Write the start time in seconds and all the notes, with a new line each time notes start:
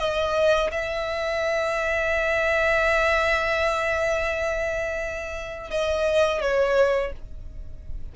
0.00 D#5
0.72 E5
5.71 D#5
6.42 C#5